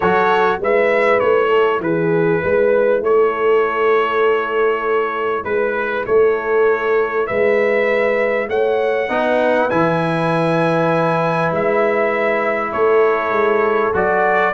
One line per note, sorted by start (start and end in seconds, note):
0.00 0.60 F#3
0.00 0.61 F#4
0.00 0.60 A4
0.00 0.59 C#5
0.60 1.20 G#3
0.60 9.09 E4
0.60 1.48 B4
0.60 1.19 E5
1.19 1.80 A3
1.19 1.80 C#5
1.48 1.79 A4
1.80 2.40 E3
1.80 2.42 G#4
1.80 3.03 B4
2.42 3.01 G#3
2.42 3.02 B4
3.01 5.43 A3
3.01 5.47 A4
3.01 5.44 C#5
5.44 6.04 G#3
5.44 6.04 B4
5.44 6.06 B4
6.06 7.28 A3
6.06 7.26 A4
6.06 7.26 C#5
7.26 8.47 G#3
7.26 8.48 B4
7.26 8.47 E5
8.47 9.08 A3
8.47 9.09 C#5
8.47 9.70 F#5
9.09 9.69 B3
9.09 9.70 D#4
9.09 12.71 B4
9.70 11.51 E3
9.70 13.93 E4
9.70 11.52 G#5
11.51 12.72 G#3
11.51 12.72 E5
12.71 13.30 A3
12.71 14.53 A4
12.71 13.93 C#5
13.30 13.91 G#3
13.93 14.54 F#3
13.93 14.54 F#4
13.93 14.54 D5